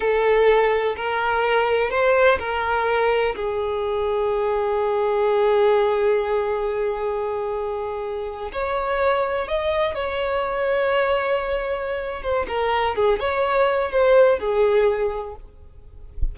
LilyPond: \new Staff \with { instrumentName = "violin" } { \time 4/4 \tempo 4 = 125 a'2 ais'2 | c''4 ais'2 gis'4~ | gis'1~ | gis'1~ |
gis'4.~ gis'16 cis''2 dis''16~ | dis''8. cis''2.~ cis''16~ | cis''4. c''8 ais'4 gis'8 cis''8~ | cis''4 c''4 gis'2 | }